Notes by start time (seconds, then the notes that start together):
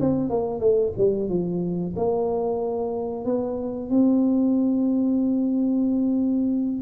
0.00 C4
0.30 A#3
0.60 A3
0.97 G3
1.29 F3
1.96 A#3
3.25 B3
3.90 C4